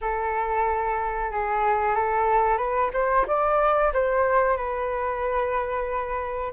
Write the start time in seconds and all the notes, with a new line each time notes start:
0.01 A4
1.31 G#4
1.95 A4
2.57 B4
2.93 C5
3.27 D5
3.93 C5
4.57 B4